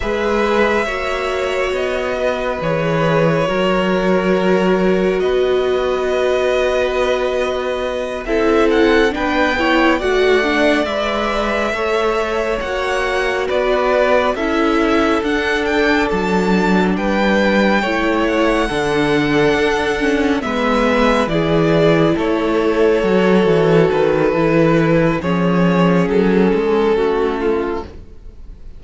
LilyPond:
<<
  \new Staff \with { instrumentName = "violin" } { \time 4/4 \tempo 4 = 69 e''2 dis''4 cis''4~ | cis''2 dis''2~ | dis''4. e''8 fis''8 g''4 fis''8~ | fis''8 e''2 fis''4 d''8~ |
d''8 e''4 fis''8 g''8 a''4 g''8~ | g''4 fis''2~ fis''8 e''8~ | e''8 d''4 cis''2 b'8~ | b'4 cis''4 a'2 | }
  \new Staff \with { instrumentName = "violin" } { \time 4/4 b'4 cis''4. b'4. | ais'2 b'2~ | b'4. a'4 b'8 cis''8 d''8~ | d''4. cis''2 b'8~ |
b'8 a'2. b'8~ | b'8 cis''4 a'2 b'8~ | b'8 gis'4 a'2~ a'8~ | a'4 gis'2 fis'8 f'8 | }
  \new Staff \with { instrumentName = "viola" } { \time 4/4 gis'4 fis'2 gis'4 | fis'1~ | fis'4. e'4 d'8 e'8 fis'8 | d'8 b'4 a'4 fis'4.~ |
fis'8 e'4 d'2~ d'8~ | d'8 e'4 d'4. cis'8 b8~ | b8 e'2 fis'4. | e'4 cis'2. | }
  \new Staff \with { instrumentName = "cello" } { \time 4/4 gis4 ais4 b4 e4 | fis2 b2~ | b4. c'4 b4 a8~ | a8 gis4 a4 ais4 b8~ |
b8 cis'4 d'4 fis4 g8~ | g8 a4 d4 d'4 gis8~ | gis8 e4 a4 fis8 e8 dis8 | e4 f4 fis8 gis8 a4 | }
>>